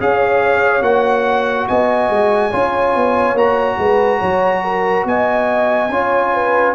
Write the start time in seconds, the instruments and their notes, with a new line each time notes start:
0.00 tuba C#4, trombone G#4, horn C#5, trumpet F5
0.81 tuba A#3, trombone F#4, trumpet F#5
1.68 tuba B3, horn D#5, trumpet G#5
2.09 tuba G#3
2.51 tuba C#4, trombone F4, horn C#5
2.95 tuba B3
3.34 tuba A#3, trombone F#4, trumpet A#5
3.78 tuba G#3, horn B4
4.19 tuba F#3, horn C#5
4.63 horn A#4
5.04 tuba B3, horn D#5, trumpet G#5
5.89 tuba C#4, trombone F4, horn C#5
6.34 horn B4